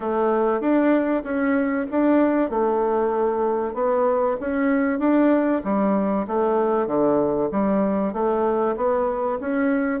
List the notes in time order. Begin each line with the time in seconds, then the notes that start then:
0.00 A3
0.60 D4
1.23 C#4
1.90 D4
2.50 A3
3.74 B3
4.40 C#4
4.99 D4
5.64 G3
6.27 A3
6.86 D3
7.51 G3
8.12 A3
8.76 B3
9.40 C#4